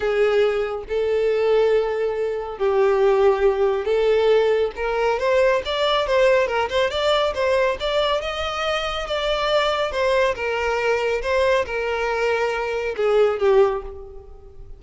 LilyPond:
\new Staff \with { instrumentName = "violin" } { \time 4/4 \tempo 4 = 139 gis'2 a'2~ | a'2 g'2~ | g'4 a'2 ais'4 | c''4 d''4 c''4 ais'8 c''8 |
d''4 c''4 d''4 dis''4~ | dis''4 d''2 c''4 | ais'2 c''4 ais'4~ | ais'2 gis'4 g'4 | }